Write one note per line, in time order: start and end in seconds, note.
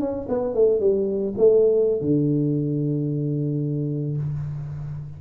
0.00 0.27 C#4
0.29 0.54 B3
0.54 0.80 A3
0.80 1.34 G3
1.37 2.01 A3
2.01 4.17 D3